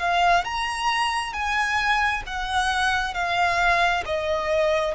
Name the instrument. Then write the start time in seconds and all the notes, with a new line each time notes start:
violin
0.00 F5
0.45 A#5
1.34 G#5
2.27 F#5
3.15 F5
4.06 D#5